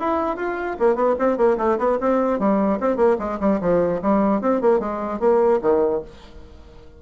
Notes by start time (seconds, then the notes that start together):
0.00 E4
0.37 F4
0.80 A#3
0.95 B3
1.19 C4
1.37 A#3
1.58 A3
1.78 B3
2.01 C4
2.39 G3
2.80 C4
2.97 A#3
3.19 G#3
3.40 G3
3.61 F3
4.02 G3
4.41 C4
4.62 A#3
4.80 G#3
5.20 A#3
5.62 D#3